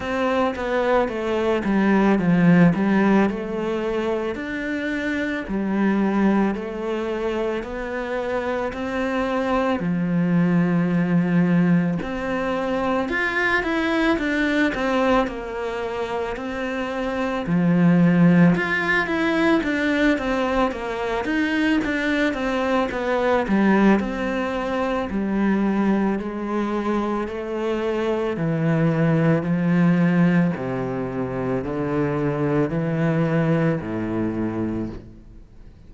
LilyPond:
\new Staff \with { instrumentName = "cello" } { \time 4/4 \tempo 4 = 55 c'8 b8 a8 g8 f8 g8 a4 | d'4 g4 a4 b4 | c'4 f2 c'4 | f'8 e'8 d'8 c'8 ais4 c'4 |
f4 f'8 e'8 d'8 c'8 ais8 dis'8 | d'8 c'8 b8 g8 c'4 g4 | gis4 a4 e4 f4 | c4 d4 e4 a,4 | }